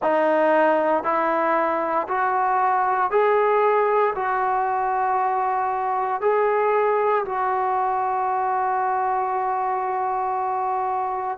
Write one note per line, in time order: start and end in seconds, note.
0.02 1.03 D#4
1.03 2.07 E4
2.08 3.10 F#4
3.10 4.14 G#4
4.15 6.21 F#4
6.21 7.24 G#4
7.25 11.37 F#4